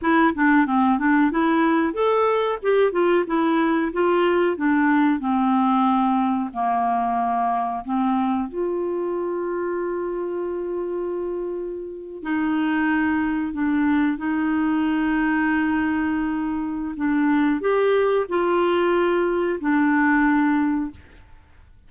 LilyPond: \new Staff \with { instrumentName = "clarinet" } { \time 4/4 \tempo 4 = 92 e'8 d'8 c'8 d'8 e'4 a'4 | g'8 f'8 e'4 f'4 d'4 | c'2 ais2 | c'4 f'2.~ |
f'2~ f'8. dis'4~ dis'16~ | dis'8. d'4 dis'2~ dis'16~ | dis'2 d'4 g'4 | f'2 d'2 | }